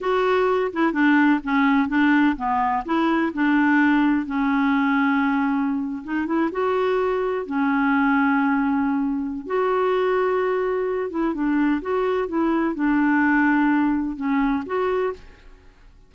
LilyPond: \new Staff \with { instrumentName = "clarinet" } { \time 4/4 \tempo 4 = 127 fis'4. e'8 d'4 cis'4 | d'4 b4 e'4 d'4~ | d'4 cis'2.~ | cis'8. dis'8 e'8 fis'2 cis'16~ |
cis'1 | fis'2.~ fis'8 e'8 | d'4 fis'4 e'4 d'4~ | d'2 cis'4 fis'4 | }